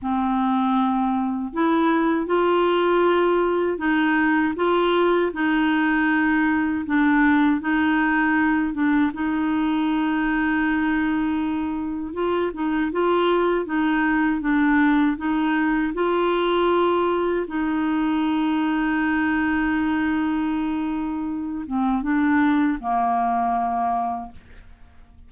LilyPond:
\new Staff \with { instrumentName = "clarinet" } { \time 4/4 \tempo 4 = 79 c'2 e'4 f'4~ | f'4 dis'4 f'4 dis'4~ | dis'4 d'4 dis'4. d'8 | dis'1 |
f'8 dis'8 f'4 dis'4 d'4 | dis'4 f'2 dis'4~ | dis'1~ | dis'8 c'8 d'4 ais2 | }